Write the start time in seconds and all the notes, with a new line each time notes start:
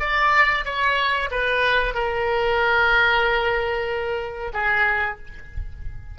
0.00 D5
0.65 C#5
1.31 B4
1.94 A#4
4.53 G#4